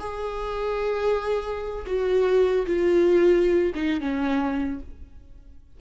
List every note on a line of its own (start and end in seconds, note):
0.00 1.86 G#4
1.87 2.66 F#4
2.67 3.73 F4
3.75 4.01 D#4
4.01 4.81 C#4